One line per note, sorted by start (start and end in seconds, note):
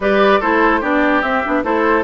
0.00 0.39 G3
0.00 0.42 G4
0.00 0.40 B4
0.00 0.41 D5
0.40 0.82 A3
0.40 0.82 E4
0.40 0.80 A4
0.40 0.82 C5
0.80 1.22 B3
0.80 1.23 D4
0.80 1.62 G4
0.80 1.22 D5
1.22 1.43 C4
1.22 1.44 C4
1.22 1.63 E5
1.44 1.63 B3
1.44 1.63 D4
1.63 2.04 A3
1.63 2.04 E4
1.63 2.04 A4
1.63 2.04 C5